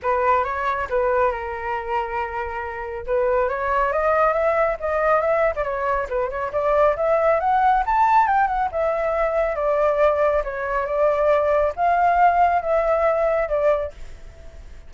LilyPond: \new Staff \with { instrumentName = "flute" } { \time 4/4 \tempo 4 = 138 b'4 cis''4 b'4 ais'4~ | ais'2. b'4 | cis''4 dis''4 e''4 dis''4 | e''8. d''16 cis''4 b'8 cis''8 d''4 |
e''4 fis''4 a''4 g''8 fis''8 | e''2 d''2 | cis''4 d''2 f''4~ | f''4 e''2 d''4 | }